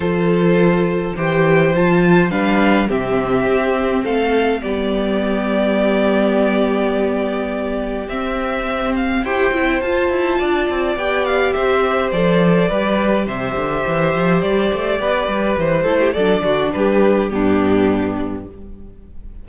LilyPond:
<<
  \new Staff \with { instrumentName = "violin" } { \time 4/4 \tempo 4 = 104 c''2 g''4 a''4 | f''4 e''2 f''4 | d''1~ | d''2 e''4. f''8 |
g''4 a''2 g''8 f''8 | e''4 d''2 e''4~ | e''4 d''2 c''4 | d''4 b'4 g'2 | }
  \new Staff \with { instrumentName = "violin" } { \time 4/4 a'2 c''2 | b'4 g'2 a'4 | g'1~ | g'1 |
c''2 d''2 | c''2 b'4 c''4~ | c''2 b'4. a'16 g'16 | a'8 fis'8 g'4 d'2 | }
  \new Staff \with { instrumentName = "viola" } { \time 4/4 f'2 g'4 f'4 | d'4 c'2. | b1~ | b2 c'2 |
g'8 e'8 f'2 g'4~ | g'4 a'4 g'2~ | g'2.~ g'8 e'8 | d'2 b2 | }
  \new Staff \with { instrumentName = "cello" } { \time 4/4 f2 e4 f4 | g4 c4 c'4 a4 | g1~ | g2 c'2 |
e'8 c'8 f'8 e'8 d'8 c'8 b4 | c'4 f4 g4 c8 d8 | e8 f8 g8 a8 b8 g8 e8 a8 | fis8 d8 g4 g,2 | }
>>